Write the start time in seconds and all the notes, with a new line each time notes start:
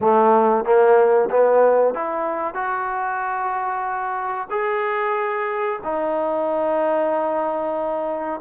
0.00 A3
0.65 A#3
1.30 B3
1.94 E4
2.54 F#4
4.50 G#4
5.83 D#4